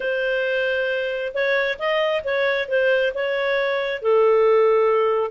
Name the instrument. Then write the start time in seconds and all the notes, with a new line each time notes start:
clarinet
0.00 C5
1.34 C#5
1.79 D#5
2.24 C#5
2.68 C5
3.14 C#5
4.02 A4